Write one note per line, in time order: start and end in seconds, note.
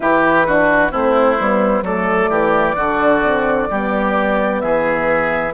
0.00 0.92 E3
0.00 0.46 E4
0.00 0.46 G4
0.00 0.91 B4
0.46 0.91 D4
0.46 0.91 F#4
0.91 1.39 A3
0.91 1.37 C4
0.91 1.84 E4
0.91 1.84 C5
1.38 1.82 G3
1.38 1.84 B3
1.82 2.28 F#3
1.82 2.75 A3
1.82 2.30 A4
1.82 4.60 D5
2.29 2.75 E3
2.29 2.75 G4
2.75 3.68 D3
2.75 3.21 D4
2.75 3.68 F#4
3.23 3.69 C4
3.70 4.62 G3
3.70 5.53 B3
3.70 4.62 G4
4.60 5.53 E3
4.60 5.53 G#4
4.60 5.52 E5